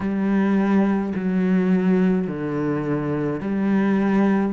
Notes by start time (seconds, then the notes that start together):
0.00 G3
1.15 F#3
2.27 D3
3.40 G3